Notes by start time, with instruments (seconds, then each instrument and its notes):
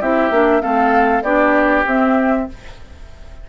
0.00 bassoon C4, clarinet E4, oboe G4, flute E5
0.30 bassoon A#3, clarinet D4
0.61 bassoon A3, clarinet C4, oboe A4, flute F5
1.22 bassoon B3, clarinet D4, oboe G4, flute D5
1.86 bassoon C4, clarinet C4, flute E5